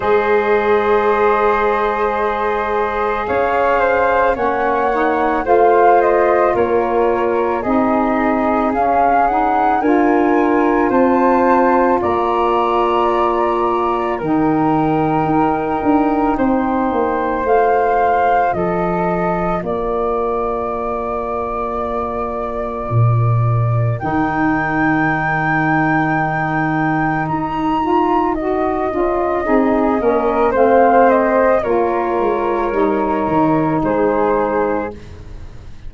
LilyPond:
<<
  \new Staff \with { instrumentName = "flute" } { \time 4/4 \tempo 4 = 55 dis''2. f''4 | fis''4 f''8 dis''8 cis''4 dis''4 | f''8 fis''8 gis''4 a''4 ais''4~ | ais''4 g''2. |
f''4 dis''4 d''2~ | d''2 g''2~ | g''4 ais''4 dis''2 | f''8 dis''8 cis''2 c''4 | }
  \new Staff \with { instrumentName = "flute" } { \time 4/4 c''2. cis''8 c''8 | cis''4 c''4 ais'4 gis'4~ | gis'4 ais'4 c''4 d''4~ | d''4 ais'2 c''4~ |
c''4 a'4 ais'2~ | ais'1~ | ais'2. gis'8 ais'8 | c''4 ais'2 gis'4 | }
  \new Staff \with { instrumentName = "saxophone" } { \time 4/4 gis'1 | cis'8 dis'8 f'2 dis'4 | cis'8 dis'8 f'2.~ | f'4 dis'2. |
f'1~ | f'2 dis'2~ | dis'4. f'8 fis'8 f'8 dis'8 cis'8 | c'4 f'4 dis'2 | }
  \new Staff \with { instrumentName = "tuba" } { \time 4/4 gis2. cis'4 | ais4 a4 ais4 c'4 | cis'4 d'4 c'4 ais4~ | ais4 dis4 dis'8 d'8 c'8 ais8 |
a4 f4 ais2~ | ais4 ais,4 dis2~ | dis4 dis'4. cis'8 c'8 ais8 | a4 ais8 gis8 g8 dis8 gis4 | }
>>